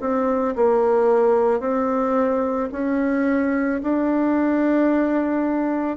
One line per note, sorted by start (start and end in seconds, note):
0.00 0.55 C4
0.56 1.60 A#3
1.60 2.69 C4
2.72 3.81 C#4
3.82 5.97 D4